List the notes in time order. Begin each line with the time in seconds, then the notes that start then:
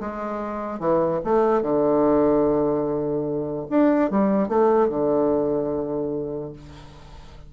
0.00 G#3
0.79 E3
1.24 A3
1.62 D3
3.70 D4
4.10 G3
4.48 A3
4.89 D3